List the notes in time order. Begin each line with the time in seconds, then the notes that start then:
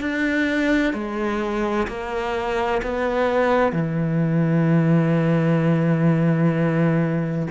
0.00 D4
0.93 G#3
1.87 A#3
2.82 B3
3.72 E3